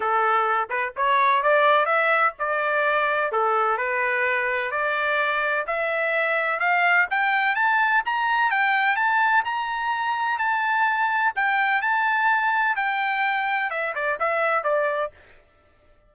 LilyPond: \new Staff \with { instrumentName = "trumpet" } { \time 4/4 \tempo 4 = 127 a'4. b'8 cis''4 d''4 | e''4 d''2 a'4 | b'2 d''2 | e''2 f''4 g''4 |
a''4 ais''4 g''4 a''4 | ais''2 a''2 | g''4 a''2 g''4~ | g''4 e''8 d''8 e''4 d''4 | }